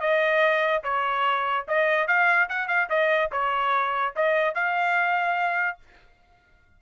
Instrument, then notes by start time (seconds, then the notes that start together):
trumpet
0.00 D#5
0.83 C#5
1.68 D#5
2.07 F5
2.49 F#5
2.68 F5
2.89 D#5
3.32 C#5
4.16 D#5
4.54 F5